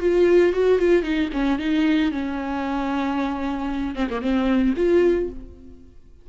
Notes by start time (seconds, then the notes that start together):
0.00 F4
0.53 F#4
0.79 F4
1.03 D#4
1.33 C#4
1.59 D#4
2.12 C#4
3.95 C4
4.10 A#3
4.21 C4
4.77 F4